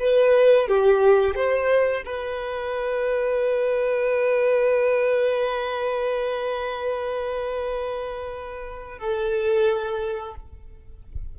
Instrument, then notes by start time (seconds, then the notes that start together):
violin
0.00 B4
0.68 G4
1.35 C5
2.05 B4
8.99 A4